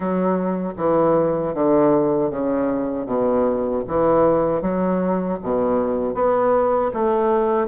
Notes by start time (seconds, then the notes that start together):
0.00 F#3
0.77 E3
1.54 D3
2.30 C#3
3.06 B2
3.87 E3
4.61 F#3
5.42 B2
6.14 B3
6.93 A3